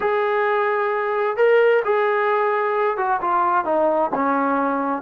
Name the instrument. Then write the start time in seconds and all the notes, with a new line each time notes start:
trombone
0.00 G#4
1.37 A#4
1.84 G#4
2.97 F#4
3.21 F4
3.65 D#4
4.15 C#4